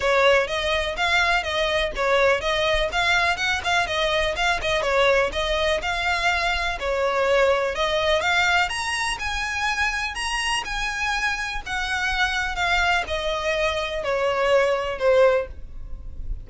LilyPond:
\new Staff \with { instrumentName = "violin" } { \time 4/4 \tempo 4 = 124 cis''4 dis''4 f''4 dis''4 | cis''4 dis''4 f''4 fis''8 f''8 | dis''4 f''8 dis''8 cis''4 dis''4 | f''2 cis''2 |
dis''4 f''4 ais''4 gis''4~ | gis''4 ais''4 gis''2 | fis''2 f''4 dis''4~ | dis''4 cis''2 c''4 | }